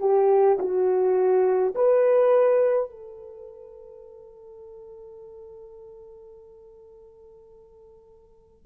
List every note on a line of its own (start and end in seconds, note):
0.00 0.58 G4
0.59 1.74 F#4
1.75 2.90 B4
2.90 8.66 A4